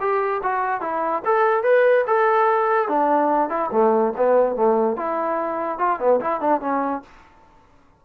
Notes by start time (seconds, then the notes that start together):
0.00 G4
0.43 F#4
0.81 E4
1.25 A4
1.63 B4
2.07 A4
2.88 D4
3.49 E4
3.72 A3
4.17 B3
4.56 A3
4.97 E4
5.79 F4
5.99 B3
6.20 E4
6.40 D4
6.61 C#4